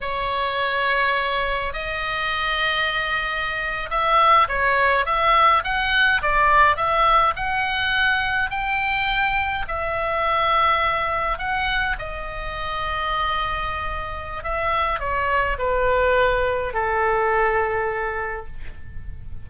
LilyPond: \new Staff \with { instrumentName = "oboe" } { \time 4/4 \tempo 4 = 104 cis''2. dis''4~ | dis''2~ dis''8. e''4 cis''16~ | cis''8. e''4 fis''4 d''4 e''16~ | e''8. fis''2 g''4~ g''16~ |
g''8. e''2. fis''16~ | fis''8. dis''2.~ dis''16~ | dis''4 e''4 cis''4 b'4~ | b'4 a'2. | }